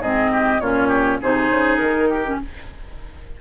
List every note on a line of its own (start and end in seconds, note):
0.00 0.59 G#2
0.00 0.62 C4
0.00 0.31 G#4
0.00 0.61 D#5
0.32 0.62 G4
0.61 1.20 A#2
0.61 1.21 C#4
0.61 0.88 F4
0.61 1.19 C#5
0.88 1.18 G4
1.22 1.51 C3
1.22 2.25 D#4
1.22 2.10 G#4
1.22 1.77 C5
1.51 1.79 C#3
1.77 2.38 D#3
1.77 2.36 A#4
2.10 2.39 G4
2.26 2.41 C#4